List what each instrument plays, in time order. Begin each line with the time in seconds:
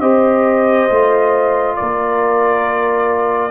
0.00 tuba C4, trombone G4, horn C5, trumpet D#5
0.90 tuba A3, trombone F4
1.76 tuba A#3, horn A#4, trumpet D5